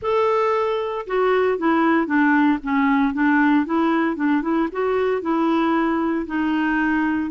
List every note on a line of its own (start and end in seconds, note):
0.01 1.06 A4
1.06 1.57 F#4
1.57 2.06 E4
2.06 2.58 D4
2.63 3.13 C#4
3.13 3.65 D4
3.65 4.16 E4
4.16 4.42 D4
4.42 4.68 E4
4.72 5.21 F#4
5.21 6.26 E4
6.26 7.30 D#4